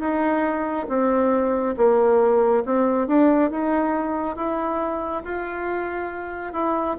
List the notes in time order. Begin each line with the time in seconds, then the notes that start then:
0.00 D#4
0.89 C4
1.77 A#3
2.66 C4
3.08 D4
3.51 D#4
4.36 E4
5.25 F4
6.53 E4